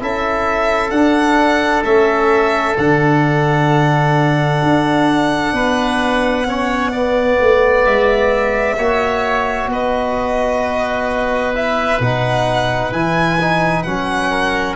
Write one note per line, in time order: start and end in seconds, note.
0.00 0.91 C#4
0.00 0.92 E4
0.00 5.54 A4
0.00 0.91 E5
0.91 1.83 D4
0.91 1.85 D4
0.91 1.83 F#5
1.84 2.76 A3
1.84 2.77 C#4
1.84 2.77 E5
2.77 4.62 D3
2.77 6.46 D4
2.77 7.85 F#5
4.63 5.53 D4
5.53 7.38 B3
5.53 6.47 B4
6.46 6.92 C#4
6.46 6.92 C#5
6.92 8.77 B3
6.92 8.76 D5
7.40 7.86 A3
7.85 8.78 G#3
7.85 9.70 E5
8.78 9.67 A#3
8.78 11.55 F#4
8.78 9.70 C#5
9.67 11.97 B3
9.67 14.30 B4
9.67 11.56 D#5
11.55 12.01 E4
11.55 12.02 E5
12.00 12.92 B2
12.00 12.92 D#4
12.00 12.93 F#5
12.92 13.84 E3
12.92 13.39 E4
12.92 13.83 G#5
13.41 13.86 D#4
13.83 14.76 F#3
13.83 14.76 C#4
13.83 14.75 F#5
14.30 14.76 A#4